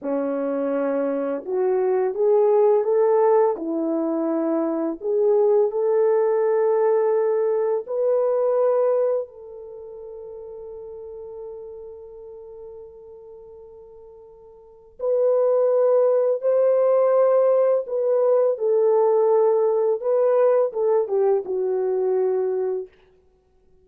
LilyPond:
\new Staff \with { instrumentName = "horn" } { \time 4/4 \tempo 4 = 84 cis'2 fis'4 gis'4 | a'4 e'2 gis'4 | a'2. b'4~ | b'4 a'2.~ |
a'1~ | a'4 b'2 c''4~ | c''4 b'4 a'2 | b'4 a'8 g'8 fis'2 | }